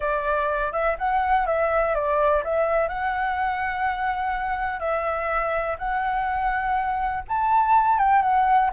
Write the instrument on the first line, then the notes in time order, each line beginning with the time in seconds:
flute
0.00 D5
0.72 E5
0.98 F#5
1.46 E5
1.94 D5
2.43 E5
2.88 F#5
4.79 E5
5.78 F#5
7.28 A5
7.98 G5
8.21 F#5